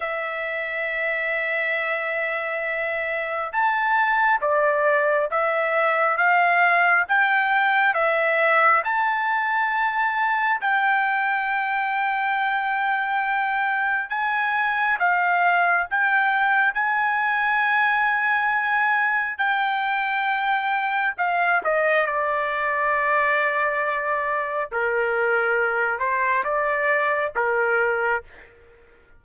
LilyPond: \new Staff \with { instrumentName = "trumpet" } { \time 4/4 \tempo 4 = 68 e''1 | a''4 d''4 e''4 f''4 | g''4 e''4 a''2 | g''1 |
gis''4 f''4 g''4 gis''4~ | gis''2 g''2 | f''8 dis''8 d''2. | ais'4. c''8 d''4 ais'4 | }